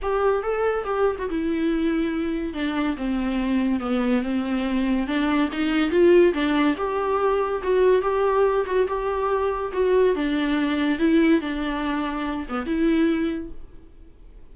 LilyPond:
\new Staff \with { instrumentName = "viola" } { \time 4/4 \tempo 4 = 142 g'4 a'4 g'8. fis'16 e'4~ | e'2 d'4 c'4~ | c'4 b4 c'2 | d'4 dis'4 f'4 d'4 |
g'2 fis'4 g'4~ | g'8 fis'8 g'2 fis'4 | d'2 e'4 d'4~ | d'4. b8 e'2 | }